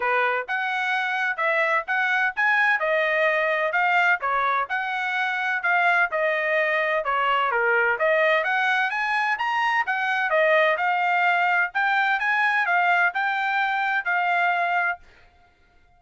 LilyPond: \new Staff \with { instrumentName = "trumpet" } { \time 4/4 \tempo 4 = 128 b'4 fis''2 e''4 | fis''4 gis''4 dis''2 | f''4 cis''4 fis''2 | f''4 dis''2 cis''4 |
ais'4 dis''4 fis''4 gis''4 | ais''4 fis''4 dis''4 f''4~ | f''4 g''4 gis''4 f''4 | g''2 f''2 | }